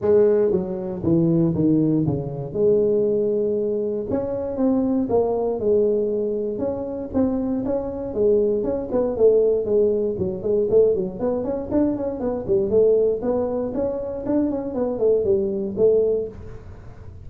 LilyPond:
\new Staff \with { instrumentName = "tuba" } { \time 4/4 \tempo 4 = 118 gis4 fis4 e4 dis4 | cis4 gis2. | cis'4 c'4 ais4 gis4~ | gis4 cis'4 c'4 cis'4 |
gis4 cis'8 b8 a4 gis4 | fis8 gis8 a8 fis8 b8 cis'8 d'8 cis'8 | b8 g8 a4 b4 cis'4 | d'8 cis'8 b8 a8 g4 a4 | }